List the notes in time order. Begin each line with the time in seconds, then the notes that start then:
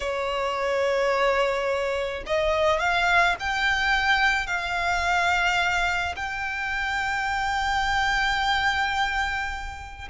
0.00 C#5
2.26 D#5
2.79 F5
3.39 G5
4.46 F5
6.15 G5